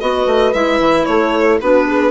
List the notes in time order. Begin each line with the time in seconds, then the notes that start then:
0.00 B3 F#4 B4 D#5
0.26 A3
0.53 G#3 E4 E5
0.80 E3
1.05 A3 A4 C#5
1.61 B3 D4 F#4 B4
1.86 G#4